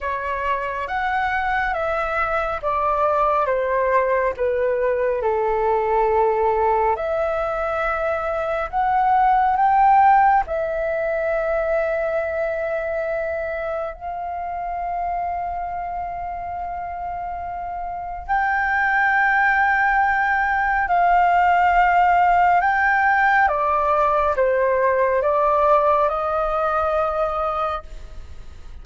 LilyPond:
\new Staff \with { instrumentName = "flute" } { \time 4/4 \tempo 4 = 69 cis''4 fis''4 e''4 d''4 | c''4 b'4 a'2 | e''2 fis''4 g''4 | e''1 |
f''1~ | f''4 g''2. | f''2 g''4 d''4 | c''4 d''4 dis''2 | }